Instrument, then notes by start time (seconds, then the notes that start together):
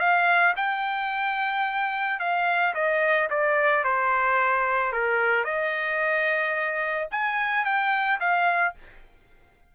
trumpet
0.00 F5
0.57 G5
2.20 F5
2.75 D#5
3.30 D5
3.85 C5
4.93 A#4
5.45 D#5
7.12 G#5
7.65 G5
8.20 F5